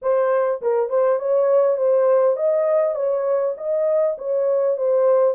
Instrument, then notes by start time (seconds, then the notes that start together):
horn
0.01 C5
0.61 A#4
0.89 C5
1.19 C#5
1.77 C5
2.36 D#5
2.95 C#5
3.57 D#5
4.17 C#5
4.77 C5